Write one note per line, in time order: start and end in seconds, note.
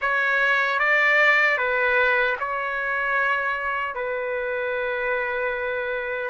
0.01 0.79 C#5
0.79 1.57 D5
1.57 2.36 B4
2.39 3.94 C#5
3.94 6.30 B4